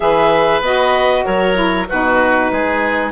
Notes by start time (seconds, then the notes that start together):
0.00 E3 G#4 B4 E5
0.60 B3 F#4 D#5
1.24 F#3 A#4 C#5
1.54 E4
1.88 B2 D#4 F#4 B4
2.51 G#3 G#4